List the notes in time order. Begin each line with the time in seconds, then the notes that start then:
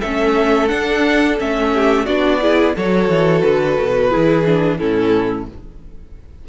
0.00 A3 C#4 A4 E5
0.68 D4 F#5
1.38 A3 C#4 E5
1.74 G4
2.06 B3 D4 F#4 D5
2.41 E4 G#4
2.76 F#3 F#4 A4 C#5
3.09 E3
3.42 D3 B4
3.80 B2
4.10 E3 E4 G#4
4.46 D4
4.77 A2 C#4 E4 A4